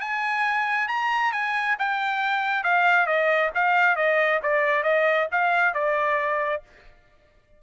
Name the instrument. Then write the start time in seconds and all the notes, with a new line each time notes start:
trumpet
0.00 G#5
0.88 A#5
1.32 G#5
1.78 G5
2.63 F5
3.06 D#5
3.55 F5
3.95 D#5
4.42 D5
4.83 D#5
5.31 F5
5.74 D5